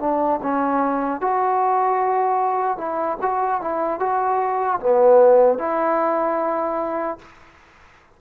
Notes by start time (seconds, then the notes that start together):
0.00 D4
0.43 C#4
1.21 F#4
2.78 E4
3.21 F#4
3.61 E4
4.00 F#4
4.80 B3
5.59 E4